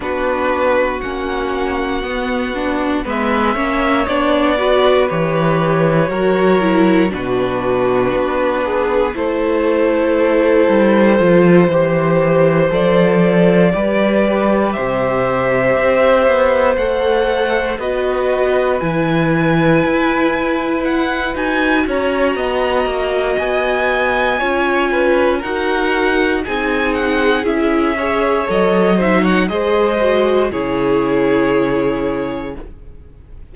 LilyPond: <<
  \new Staff \with { instrumentName = "violin" } { \time 4/4 \tempo 4 = 59 b'4 fis''2 e''4 | d''4 cis''2 b'4~ | b'4 c''2.~ | c''8 d''2 e''4.~ |
e''8 fis''4 dis''4 gis''4.~ | gis''8 fis''8 gis''8 ais''4. gis''4~ | gis''4 fis''4 gis''8 fis''8 e''4 | dis''8 e''16 fis''16 dis''4 cis''2 | }
  \new Staff \with { instrumentName = "violin" } { \time 4/4 fis'2. b'8 cis''8~ | cis''8 b'4. ais'4 fis'4~ | fis'8 gis'8 a'2~ a'8 c''8~ | c''4. b'4 c''4.~ |
c''4. b'2~ b'8~ | b'4. cis''8 dis''2 | cis''8 b'8 ais'4 gis'4. cis''8~ | cis''8 c''16 cis''16 c''4 gis'2 | }
  \new Staff \with { instrumentName = "viola" } { \time 4/4 d'4 cis'4 b8 d'8 b8 cis'8 | d'8 fis'8 g'4 fis'8 e'8 d'4~ | d'4 e'2 f'8 g'8~ | g'8 a'4 g'2~ g'8~ |
g'8 a'4 fis'4 e'4.~ | e'4 fis'2. | f'4 fis'4 dis'4 e'8 gis'8 | a'8 dis'8 gis'8 fis'8 e'2 | }
  \new Staff \with { instrumentName = "cello" } { \time 4/4 b4 ais4 b4 gis8 ais8 | b4 e4 fis4 b,4 | b4 a4. g8 f8 e8~ | e8 f4 g4 c4 c'8 |
b8 a4 b4 e4 e'8~ | e'4 dis'8 cis'8 b8 ais8 b4 | cis'4 dis'4 c'4 cis'4 | fis4 gis4 cis2 | }
>>